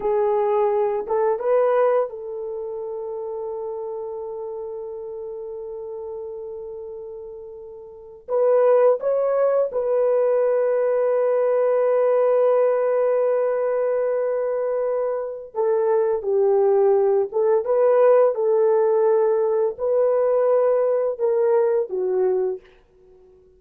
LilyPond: \new Staff \with { instrumentName = "horn" } { \time 4/4 \tempo 4 = 85 gis'4. a'8 b'4 a'4~ | a'1~ | a'2.~ a'8. b'16~ | b'8. cis''4 b'2~ b'16~ |
b'1~ | b'2 a'4 g'4~ | g'8 a'8 b'4 a'2 | b'2 ais'4 fis'4 | }